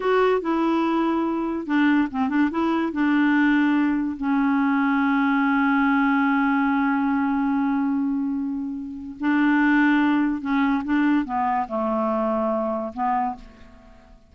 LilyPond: \new Staff \with { instrumentName = "clarinet" } { \time 4/4 \tempo 4 = 144 fis'4 e'2. | d'4 c'8 d'8 e'4 d'4~ | d'2 cis'2~ | cis'1~ |
cis'1~ | cis'2 d'2~ | d'4 cis'4 d'4 b4 | a2. b4 | }